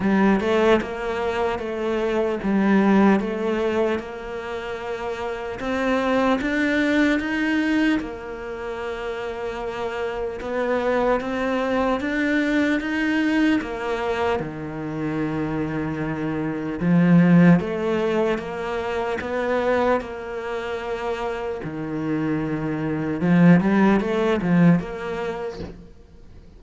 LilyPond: \new Staff \with { instrumentName = "cello" } { \time 4/4 \tempo 4 = 75 g8 a8 ais4 a4 g4 | a4 ais2 c'4 | d'4 dis'4 ais2~ | ais4 b4 c'4 d'4 |
dis'4 ais4 dis2~ | dis4 f4 a4 ais4 | b4 ais2 dis4~ | dis4 f8 g8 a8 f8 ais4 | }